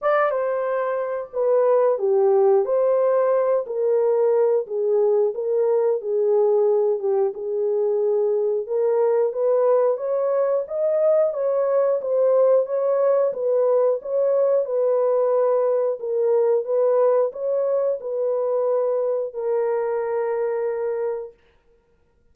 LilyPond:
\new Staff \with { instrumentName = "horn" } { \time 4/4 \tempo 4 = 90 d''8 c''4. b'4 g'4 | c''4. ais'4. gis'4 | ais'4 gis'4. g'8 gis'4~ | gis'4 ais'4 b'4 cis''4 |
dis''4 cis''4 c''4 cis''4 | b'4 cis''4 b'2 | ais'4 b'4 cis''4 b'4~ | b'4 ais'2. | }